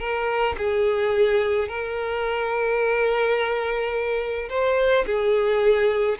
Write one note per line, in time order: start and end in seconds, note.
0.00 0.56 A#4
0.58 1.69 G#4
1.69 4.49 A#4
4.49 5.05 C5
5.06 6.18 G#4